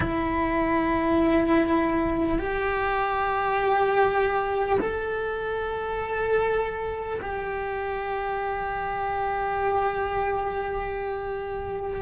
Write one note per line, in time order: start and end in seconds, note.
0.00 2.38 E4
2.38 4.78 G4
4.80 7.20 A4
7.21 12.01 G4